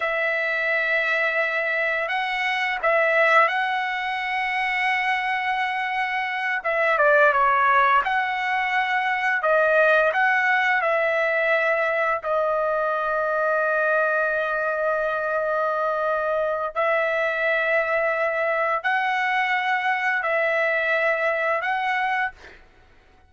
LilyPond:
\new Staff \with { instrumentName = "trumpet" } { \time 4/4 \tempo 4 = 86 e''2. fis''4 | e''4 fis''2.~ | fis''4. e''8 d''8 cis''4 fis''8~ | fis''4. dis''4 fis''4 e''8~ |
e''4. dis''2~ dis''8~ | dis''1 | e''2. fis''4~ | fis''4 e''2 fis''4 | }